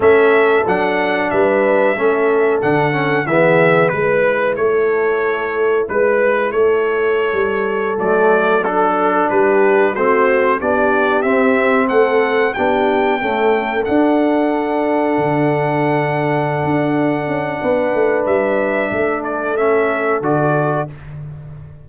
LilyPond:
<<
  \new Staff \with { instrumentName = "trumpet" } { \time 4/4 \tempo 4 = 92 e''4 fis''4 e''2 | fis''4 e''4 b'4 cis''4~ | cis''4 b'4 cis''2~ | cis''16 d''4 a'4 b'4 c''8.~ |
c''16 d''4 e''4 fis''4 g''8.~ | g''4~ g''16 fis''2~ fis''8.~ | fis''1 | e''4. d''8 e''4 d''4 | }
  \new Staff \with { instrumentName = "horn" } { \time 4/4 a'2 b'4 a'4~ | a'4 gis'4 b'4 a'4~ | a'4 b'4 a'2~ | a'2~ a'16 g'4 fis'8.~ |
fis'16 g'2 a'4 g'8.~ | g'16 a'2.~ a'8.~ | a'2. b'4~ | b'4 a'2. | }
  \new Staff \with { instrumentName = "trombone" } { \time 4/4 cis'4 d'2 cis'4 | d'8 cis'8 b4 e'2~ | e'1~ | e'16 a4 d'2 c'8.~ |
c'16 d'4 c'2 d'8.~ | d'16 a4 d'2~ d'8.~ | d'1~ | d'2 cis'4 fis'4 | }
  \new Staff \with { instrumentName = "tuba" } { \time 4/4 a4 fis4 g4 a4 | d4 e4 gis4 a4~ | a4 gis4 a4~ a16 g8.~ | g16 fis2 g4 a8.~ |
a16 b4 c'4 a4 b8.~ | b16 cis'4 d'2 d8.~ | d4. d'4 cis'8 b8 a8 | g4 a2 d4 | }
>>